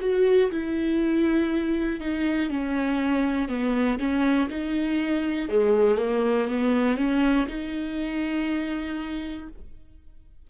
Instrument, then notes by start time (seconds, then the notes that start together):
viola
0.00 F#4
0.50 E4
2.00 D#4
2.49 C#4
3.48 B3
3.99 C#4
4.49 D#4
5.49 G#3
5.98 A#3
6.47 B3
6.97 C#4
7.47 D#4